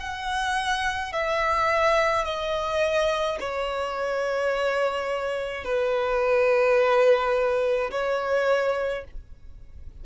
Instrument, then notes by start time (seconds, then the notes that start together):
violin
0.00 F#5
1.13 E5
2.25 D#5
3.40 C#5
5.64 B4
7.91 C#5